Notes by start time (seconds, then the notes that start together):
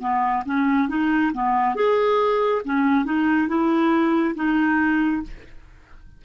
0.00 B3
0.46 C#4
0.89 D#4
1.34 B3
1.75 G#4
2.65 C#4
3.05 D#4
3.48 E4
4.36 D#4